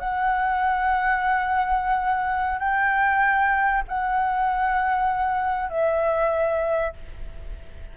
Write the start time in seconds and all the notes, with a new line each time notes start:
0.00 F#5
2.60 G5
3.88 F#5
5.70 E5